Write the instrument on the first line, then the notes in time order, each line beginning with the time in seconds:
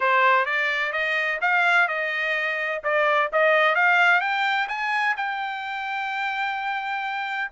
trumpet
0.00 C5
0.45 D5
0.92 D#5
1.41 F5
1.87 D#5
2.83 D5
3.32 D#5
3.75 F5
4.20 G5
4.68 G#5
5.16 G5